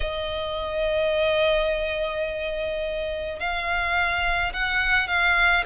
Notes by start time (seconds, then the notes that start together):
0.00 D#5
3.39 F5
4.53 F#5
5.07 F5